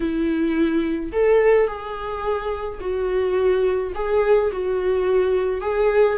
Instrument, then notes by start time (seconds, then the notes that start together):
viola
0.00 E4
1.12 A4
1.67 G#4
2.80 F#4
3.94 G#4
4.52 F#4
5.61 G#4